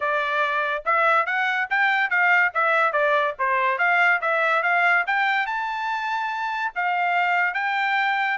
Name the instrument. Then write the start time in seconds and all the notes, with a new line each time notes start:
trumpet
0.00 D5
0.85 E5
1.25 F#5
1.70 G5
2.10 F5
2.53 E5
2.92 D5
3.38 C5
3.78 F5
4.21 E5
4.62 F5
5.06 G5
5.46 A5
6.75 F5
7.54 G5